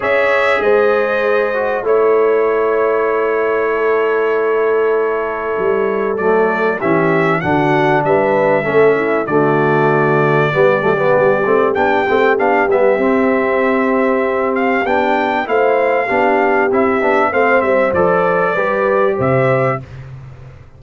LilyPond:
<<
  \new Staff \with { instrumentName = "trumpet" } { \time 4/4 \tempo 4 = 97 e''4 dis''2 cis''4~ | cis''1~ | cis''2 d''4 e''4 | fis''4 e''2 d''4~ |
d''2. g''4 | f''8 e''2. f''8 | g''4 f''2 e''4 | f''8 e''8 d''2 e''4 | }
  \new Staff \with { instrumentName = "horn" } { \time 4/4 cis''4 c''2 cis''4~ | cis''2 a'2~ | a'2. g'4 | fis'4 b'4 a'8 e'8 fis'4~ |
fis'4 g'2.~ | g'1~ | g'4 c''4 g'2 | c''2 b'4 c''4 | }
  \new Staff \with { instrumentName = "trombone" } { \time 4/4 gis'2~ gis'8 fis'8 e'4~ | e'1~ | e'2 a4 cis'4 | d'2 cis'4 a4~ |
a4 b8 a16 b8. c'8 d'8 c'8 | d'8 b8 c'2. | d'4 e'4 d'4 e'8 d'8 | c'4 a'4 g'2 | }
  \new Staff \with { instrumentName = "tuba" } { \time 4/4 cis'4 gis2 a4~ | a1~ | a4 g4 fis4 e4 | d4 g4 a4 d4~ |
d4 g8 fis8 g8 a8 b8 a8 | b8 g8 c'2. | b4 a4 b4 c'8 b8 | a8 g8 f4 g4 c4 | }
>>